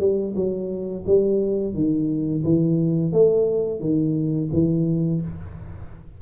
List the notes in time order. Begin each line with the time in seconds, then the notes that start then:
0.00 G3
0.36 F#3
1.07 G3
1.75 D#3
2.44 E3
3.13 A3
3.80 D#3
4.53 E3